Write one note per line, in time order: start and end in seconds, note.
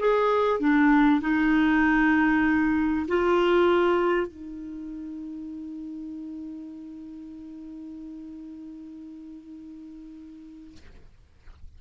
0.00 0.60 G#4
0.60 1.21 D4
1.21 3.07 D#4
3.08 4.27 F4
4.27 10.77 D#4